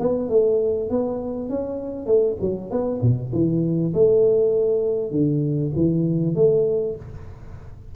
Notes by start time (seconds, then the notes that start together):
0.00 B3
0.29 A3
0.90 B3
1.50 C#4
2.07 A3
2.41 F#3
2.71 B3
3.02 B2
3.33 E3
3.94 A3
5.12 D3
5.76 E3
6.36 A3